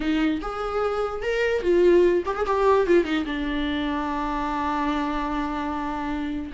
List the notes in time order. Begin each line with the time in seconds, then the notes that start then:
0.00 D#4
0.41 G#4
1.22 A#4
1.62 F4
2.25 G4
2.35 G#4
2.46 G4
2.86 F4
3.04 D#4
3.25 D4